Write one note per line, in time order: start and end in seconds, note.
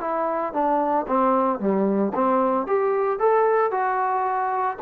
0.00 0.53 E4
0.53 1.06 D4
1.07 1.59 C4
1.59 2.12 G3
2.14 2.66 C4
2.66 3.19 G4
3.19 3.71 A4
3.71 4.77 F#4